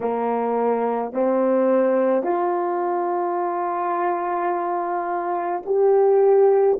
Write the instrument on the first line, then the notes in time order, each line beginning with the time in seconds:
horn
0.00 A#3
1.13 C4
2.23 F4
5.65 G4